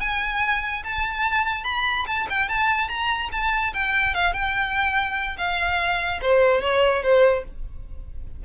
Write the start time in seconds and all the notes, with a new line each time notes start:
0.00 G#5
0.84 A5
1.64 B5
2.07 A5
2.29 G5
2.49 A5
2.88 A#5
3.32 A5
3.74 G5
4.14 F5
4.33 G5
5.38 F5
6.21 C5
6.61 C#5
7.03 C5